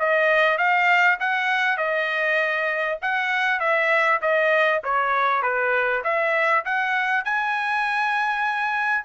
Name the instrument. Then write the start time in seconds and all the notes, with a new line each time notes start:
trumpet
0.00 D#5
0.58 F5
1.20 F#5
1.78 D#5
3.02 F#5
3.60 E5
4.22 D#5
4.84 C#5
5.42 B4
6.04 E5
6.65 F#5
7.25 G#5